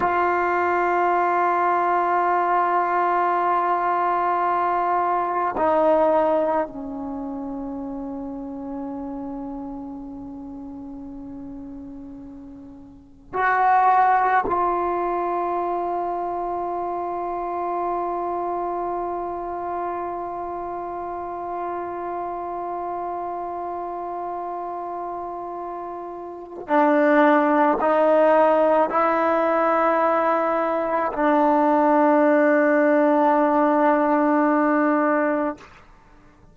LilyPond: \new Staff \with { instrumentName = "trombone" } { \time 4/4 \tempo 4 = 54 f'1~ | f'4 dis'4 cis'2~ | cis'1 | fis'4 f'2.~ |
f'1~ | f'1 | d'4 dis'4 e'2 | d'1 | }